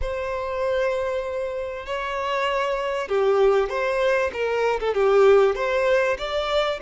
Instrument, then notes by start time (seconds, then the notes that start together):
violin
0.01 C5
1.86 C#5
3.08 G4
3.69 C5
4.33 A#4
4.80 A4
4.94 G4
5.55 C5
6.18 D5